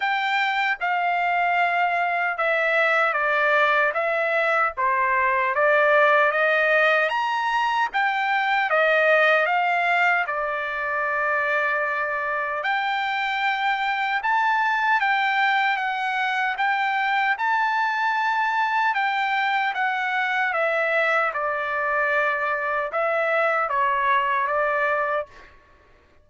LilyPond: \new Staff \with { instrumentName = "trumpet" } { \time 4/4 \tempo 4 = 76 g''4 f''2 e''4 | d''4 e''4 c''4 d''4 | dis''4 ais''4 g''4 dis''4 | f''4 d''2. |
g''2 a''4 g''4 | fis''4 g''4 a''2 | g''4 fis''4 e''4 d''4~ | d''4 e''4 cis''4 d''4 | }